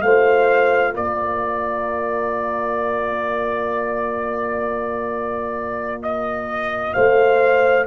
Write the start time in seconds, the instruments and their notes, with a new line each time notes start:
0.00 tuba A3, trombone F4, horn C5, trumpet F5
0.93 tuba A#3, horn A#4, trumpet D5
6.02 trumpet D#5
6.93 tuba A3, horn C5, trumpet F5